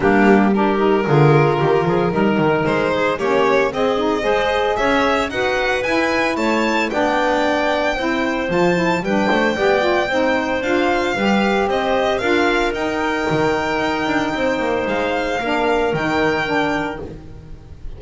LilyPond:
<<
  \new Staff \with { instrumentName = "violin" } { \time 4/4 \tempo 4 = 113 g'4 ais'2.~ | ais'4 c''4 cis''4 dis''4~ | dis''4 e''4 fis''4 gis''4 | a''4 g''2. |
a''4 g''2. | f''2 dis''4 f''4 | g''1 | f''2 g''2 | }
  \new Staff \with { instrumentName = "clarinet" } { \time 4/4 d'4 g'4 gis'4 g'8 gis'8 | ais'4. gis'8 g'4 gis'4 | c''4 cis''4 b'2 | cis''4 d''2 c''4~ |
c''4 b'8 c''8 d''4 c''4~ | c''4 b'4 c''4 ais'4~ | ais'2. c''4~ | c''4 ais'2. | }
  \new Staff \with { instrumentName = "saxophone" } { \time 4/4 ais4 d'8 dis'8 f'2 | dis'2 cis'4 c'8 dis'8 | gis'2 fis'4 e'4~ | e'4 d'2 e'4 |
f'8 e'8 d'4 g'8 f'8 dis'4 | f'4 g'2 f'4 | dis'1~ | dis'4 d'4 dis'4 d'4 | }
  \new Staff \with { instrumentName = "double bass" } { \time 4/4 g2 d4 dis8 f8 | g8 dis8 gis4 ais4 c'4 | gis4 cis'4 dis'4 e'4 | a4 b2 c'4 |
f4 g8 a8 b4 c'4 | d'4 g4 c'4 d'4 | dis'4 dis4 dis'8 d'8 c'8 ais8 | gis4 ais4 dis2 | }
>>